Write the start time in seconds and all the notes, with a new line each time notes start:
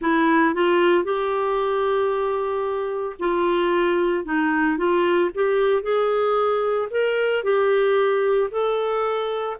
0.01 E4
0.54 F4
1.04 G4
3.19 F4
4.25 D#4
4.77 F4
5.34 G4
5.82 G#4
6.90 A#4
7.43 G4
8.50 A4